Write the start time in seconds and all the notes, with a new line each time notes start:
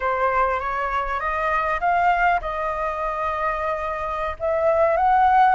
0.00 C5
0.60 C#5
1.19 D#5
1.80 F5
2.41 D#5
4.39 E5
4.96 F#5